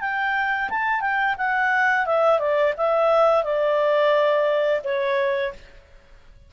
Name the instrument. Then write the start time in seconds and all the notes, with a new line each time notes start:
clarinet
0.00 G5
0.69 A5
1.01 G5
1.37 F#5
2.06 E5
2.39 D5
2.77 E5
3.44 D5
4.84 C#5